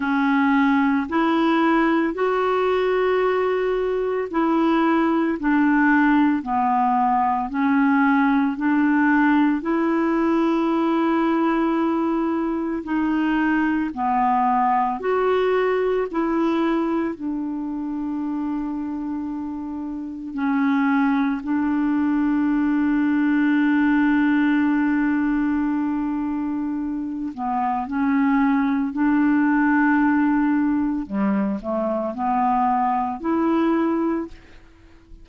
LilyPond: \new Staff \with { instrumentName = "clarinet" } { \time 4/4 \tempo 4 = 56 cis'4 e'4 fis'2 | e'4 d'4 b4 cis'4 | d'4 e'2. | dis'4 b4 fis'4 e'4 |
d'2. cis'4 | d'1~ | d'4. b8 cis'4 d'4~ | d'4 g8 a8 b4 e'4 | }